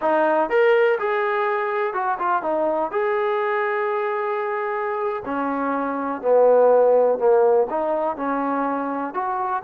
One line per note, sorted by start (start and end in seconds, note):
0.01 0.49 D#4
0.49 0.98 A#4
0.99 1.93 G#4
1.93 2.18 F#4
2.19 2.42 F4
2.42 2.91 D#4
2.91 5.23 G#4
5.25 6.21 C#4
6.21 7.18 B3
7.18 7.67 A#3
7.70 8.16 D#4
8.16 9.14 C#4
9.14 9.62 F#4